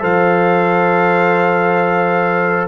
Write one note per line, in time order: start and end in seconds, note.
0.00 2.68 F3
0.00 2.68 A4
0.00 2.68 C5
0.00 2.68 F5